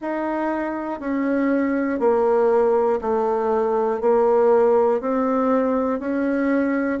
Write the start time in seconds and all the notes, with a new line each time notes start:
0.01 D#4
1.00 C#4
1.99 A#3
3.00 A3
4.00 A#3
5.00 C4
5.99 C#4